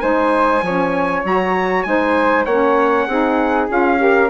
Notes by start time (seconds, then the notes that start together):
0.00 G#3 D#4 C5 G#5
0.61 F3 C#4 C#5
1.24 F#3 F#4 A#5
1.83 G#3 D#4 C5 G#5
2.45 A#3 C#4 C#5 F#5
3.07 C4 D#4 G#4
3.69 C#4 F4 F5
3.97 G4 A#4